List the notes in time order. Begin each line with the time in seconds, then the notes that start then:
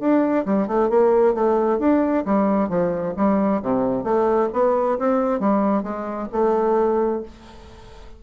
0.00 D4
0.46 G3
0.67 A3
0.90 A#3
1.34 A3
1.79 D4
2.25 G3
2.69 F3
3.17 G3
3.63 C3
4.04 A3
4.53 B3
4.99 C4
5.40 G3
5.83 G#3
6.33 A3